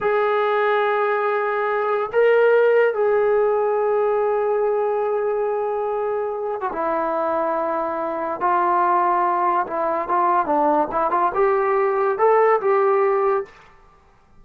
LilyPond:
\new Staff \with { instrumentName = "trombone" } { \time 4/4 \tempo 4 = 143 gis'1~ | gis'4 ais'2 gis'4~ | gis'1~ | gis'2.~ gis'8. fis'16 |
e'1 | f'2. e'4 | f'4 d'4 e'8 f'8 g'4~ | g'4 a'4 g'2 | }